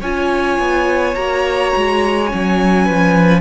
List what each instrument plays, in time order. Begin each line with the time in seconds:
0.00 cello C#4, viola F4, violin C#5 G#5
0.58 cello B3
1.15 cello A#3, viola F#4, violin A#5
1.76 cello G#3
2.26 viola C#4, violin G#5
2.33 cello F#3
2.83 cello F3, violin B4